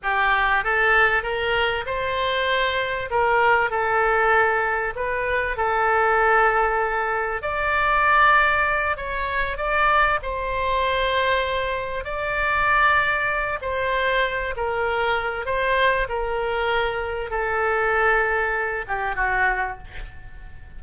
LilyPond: \new Staff \with { instrumentName = "oboe" } { \time 4/4 \tempo 4 = 97 g'4 a'4 ais'4 c''4~ | c''4 ais'4 a'2 | b'4 a'2. | d''2~ d''8 cis''4 d''8~ |
d''8 c''2. d''8~ | d''2 c''4. ais'8~ | ais'4 c''4 ais'2 | a'2~ a'8 g'8 fis'4 | }